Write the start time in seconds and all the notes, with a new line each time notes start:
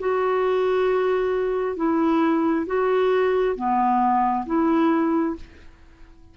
0.00 F#4
1.77 E4
2.67 F#4
3.56 B3
4.47 E4